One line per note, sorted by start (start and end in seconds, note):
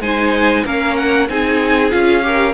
0.00 0.63 G#3
0.00 0.65 D#4
0.00 0.64 C5
0.00 0.64 G#5
0.64 1.28 A#3
0.64 1.28 C#4
0.64 1.27 A#4
0.64 0.96 F5
0.96 1.28 F#5
1.28 1.92 C4
1.28 1.90 D#4
1.28 2.25 G#4
1.28 1.91 G#5
1.90 2.54 C#4
1.90 2.22 F4
1.90 2.54 F5
2.22 2.54 G4
2.22 2.54 A#4